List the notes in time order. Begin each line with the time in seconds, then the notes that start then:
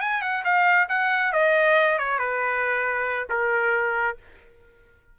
0.00 G#5
0.21 F#5
0.44 F5
0.89 F#5
1.32 D#5
1.98 C#5
2.19 B4
3.29 A#4